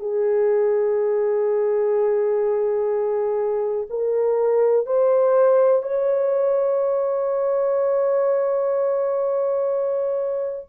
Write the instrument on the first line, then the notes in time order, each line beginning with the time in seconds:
horn
0.00 G#4
3.90 A#4
4.87 C5
5.83 C#5